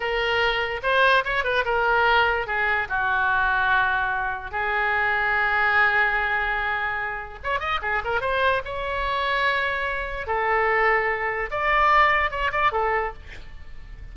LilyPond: \new Staff \with { instrumentName = "oboe" } { \time 4/4 \tempo 4 = 146 ais'2 c''4 cis''8 b'8 | ais'2 gis'4 fis'4~ | fis'2. gis'4~ | gis'1~ |
gis'2 cis''8 dis''8 gis'8 ais'8 | c''4 cis''2.~ | cis''4 a'2. | d''2 cis''8 d''8 a'4 | }